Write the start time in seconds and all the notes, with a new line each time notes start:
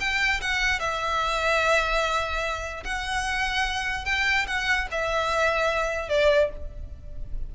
0.00 G5
0.41 F#5
0.80 E5
2.84 F#5
4.05 G5
4.47 F#5
4.91 E5
6.09 D5